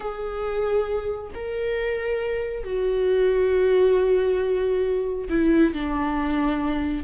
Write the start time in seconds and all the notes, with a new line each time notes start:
0.00 G#4
1.34 A#4
2.64 F#4
5.29 E4
5.73 D4